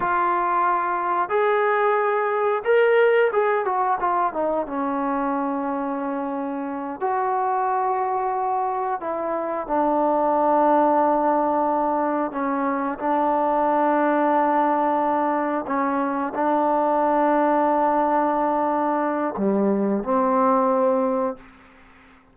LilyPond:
\new Staff \with { instrumentName = "trombone" } { \time 4/4 \tempo 4 = 90 f'2 gis'2 | ais'4 gis'8 fis'8 f'8 dis'8 cis'4~ | cis'2~ cis'8 fis'4.~ | fis'4. e'4 d'4.~ |
d'2~ d'8 cis'4 d'8~ | d'2.~ d'8 cis'8~ | cis'8 d'2.~ d'8~ | d'4 g4 c'2 | }